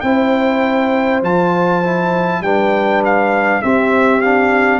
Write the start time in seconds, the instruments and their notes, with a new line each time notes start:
0.00 tuba C4, trombone E4, horn C5, trumpet G5
1.22 tuba F3, trombone F4, trumpet A5
1.83 trombone E4
2.41 tuba G3, trombone D4, horn B4, trumpet G5
3.04 trumpet F5
3.62 trombone C4, tuba C4, horn G4, trumpet E5
4.21 trombone D4, trumpet F5